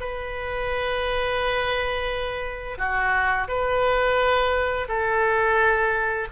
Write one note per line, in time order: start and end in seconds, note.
0.00 2.77 B4
2.77 3.47 F#4
3.48 4.87 B4
4.88 6.28 A4